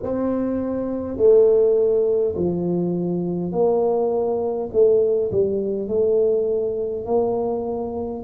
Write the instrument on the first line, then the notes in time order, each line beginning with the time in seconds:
tuba
0.03 C4
1.17 A3
2.36 F3
3.51 A#3
4.72 A3
5.32 G3
5.88 A3
7.05 A#3